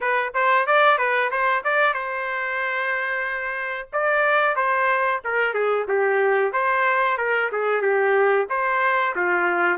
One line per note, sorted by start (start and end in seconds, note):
0.01 0.33 B4
0.33 0.66 C5
0.66 0.98 D5
0.98 1.30 B4
1.30 1.63 C5
1.64 1.93 D5
1.93 3.89 C5
3.92 4.56 D5
4.56 5.21 C5
5.24 5.54 A#4
5.54 5.86 G#4
5.88 6.52 G4
6.52 7.17 C5
7.17 7.50 A#4
7.52 7.81 G#4
7.81 8.46 G4
8.49 9.15 C5
9.15 9.77 F4